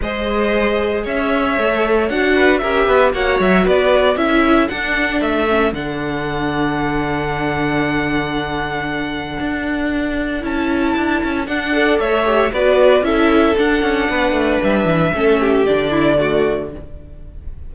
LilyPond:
<<
  \new Staff \with { instrumentName = "violin" } { \time 4/4 \tempo 4 = 115 dis''2 e''2 | fis''4 e''4 fis''8 e''8 d''4 | e''4 fis''4 e''4 fis''4~ | fis''1~ |
fis''1 | a''2 fis''4 e''4 | d''4 e''4 fis''2 | e''2 d''2 | }
  \new Staff \with { instrumentName = "violin" } { \time 4/4 c''2 cis''2~ | cis''8 b'8 ais'8 b'8 cis''4 b'4 | a'1~ | a'1~ |
a'1~ | a'2~ a'8 d''8 cis''4 | b'4 a'2 b'4~ | b'4 a'8 g'4 e'8 fis'4 | }
  \new Staff \with { instrumentName = "viola" } { \time 4/4 gis'2. a'4 | fis'4 g'4 fis'2 | e'4 d'4. cis'8 d'4~ | d'1~ |
d'1 | e'2 d'8 a'4 g'8 | fis'4 e'4 d'2~ | d'4 cis'4 d'4 a4 | }
  \new Staff \with { instrumentName = "cello" } { \time 4/4 gis2 cis'4 a4 | d'4 cis'8 b8 ais8 fis8 b4 | cis'4 d'4 a4 d4~ | d1~ |
d2 d'2 | cis'4 d'8 cis'8 d'4 a4 | b4 cis'4 d'8 cis'8 b8 a8 | g8 e8 a4 d2 | }
>>